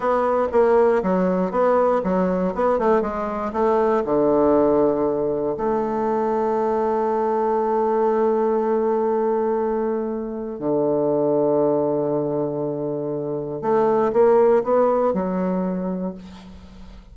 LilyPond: \new Staff \with { instrumentName = "bassoon" } { \time 4/4 \tempo 4 = 119 b4 ais4 fis4 b4 | fis4 b8 a8 gis4 a4 | d2. a4~ | a1~ |
a1~ | a4 d2.~ | d2. a4 | ais4 b4 fis2 | }